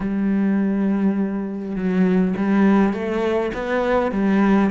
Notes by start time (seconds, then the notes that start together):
0.00 G3
1.75 F#3
2.36 G3
2.93 A3
3.53 B3
4.11 G3